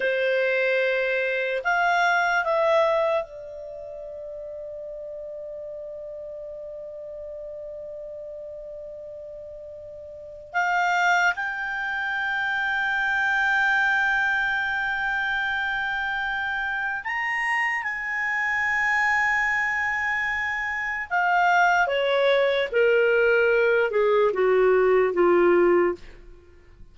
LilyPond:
\new Staff \with { instrumentName = "clarinet" } { \time 4/4 \tempo 4 = 74 c''2 f''4 e''4 | d''1~ | d''1~ | d''4 f''4 g''2~ |
g''1~ | g''4 ais''4 gis''2~ | gis''2 f''4 cis''4 | ais'4. gis'8 fis'4 f'4 | }